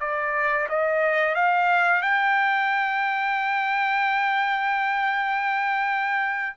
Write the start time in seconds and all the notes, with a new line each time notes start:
0.00 D5
0.69 D#5
1.35 F5
2.02 G5